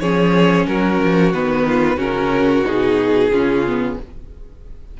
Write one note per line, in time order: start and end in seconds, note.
0.00 0.66 F3
0.00 1.33 C#4
0.00 0.67 G#4
0.00 0.66 C#5
0.67 1.00 F#3
0.67 1.66 F#4
0.67 1.33 A#4
1.03 1.33 F3
1.33 1.97 D#3
1.33 1.97 B3
1.33 1.99 B4
1.67 1.96 F4
1.96 2.63 C#3
1.96 2.63 C#4
1.96 3.28 F#4
1.96 2.66 A#4
2.65 3.31 B2
2.65 3.31 D#4
2.65 3.98 G#4
3.31 3.97 C#3
3.31 3.66 C#4
3.31 3.97 F4
3.67 4.00 B3